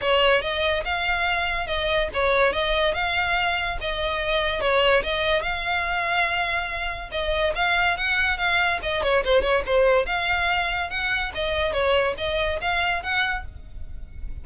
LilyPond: \new Staff \with { instrumentName = "violin" } { \time 4/4 \tempo 4 = 143 cis''4 dis''4 f''2 | dis''4 cis''4 dis''4 f''4~ | f''4 dis''2 cis''4 | dis''4 f''2.~ |
f''4 dis''4 f''4 fis''4 | f''4 dis''8 cis''8 c''8 cis''8 c''4 | f''2 fis''4 dis''4 | cis''4 dis''4 f''4 fis''4 | }